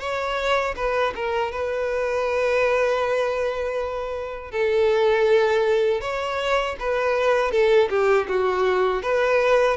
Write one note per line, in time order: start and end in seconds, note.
0.00 0.75 C#5
0.76 1.14 B4
1.16 1.52 A#4
1.52 4.52 B4
4.52 6.01 A4
6.01 6.76 C#5
6.80 7.52 B4
7.52 7.89 A4
7.90 8.27 G4
8.28 9.03 F#4
9.03 9.77 B4